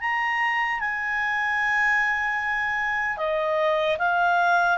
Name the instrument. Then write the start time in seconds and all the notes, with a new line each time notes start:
clarinet
0.00 A#5
0.80 G#5
3.17 D#5
3.98 F5